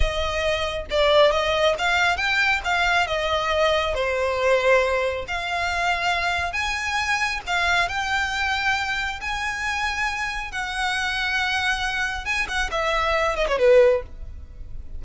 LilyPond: \new Staff \with { instrumentName = "violin" } { \time 4/4 \tempo 4 = 137 dis''2 d''4 dis''4 | f''4 g''4 f''4 dis''4~ | dis''4 c''2. | f''2. gis''4~ |
gis''4 f''4 g''2~ | g''4 gis''2. | fis''1 | gis''8 fis''8 e''4. dis''16 cis''16 b'4 | }